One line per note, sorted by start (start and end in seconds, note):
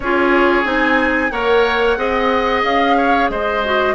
0.00 0.65 C#4
0.00 0.64 F4
0.00 1.32 G#4
0.00 0.66 C#5
0.64 1.30 C4
0.64 1.30 D#4
0.64 1.30 G#5
1.30 1.97 A#3
1.30 1.96 A#4
1.30 1.98 C#5
1.30 2.62 F#5
1.96 2.63 C4
1.96 3.61 G#4
1.96 2.97 D#5
2.63 3.29 C#4
2.63 3.30 F5
2.97 3.30 C#5
3.29 3.95 G#3
3.29 3.95 C5
3.29 3.95 D#5
3.64 3.95 F#4